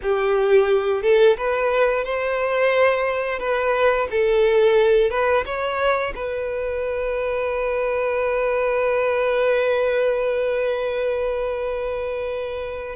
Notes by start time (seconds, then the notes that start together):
0.02 G4
1.02 A4
1.37 B4
2.04 C5
3.39 B4
4.10 A4
5.10 B4
5.45 C#5
6.15 B4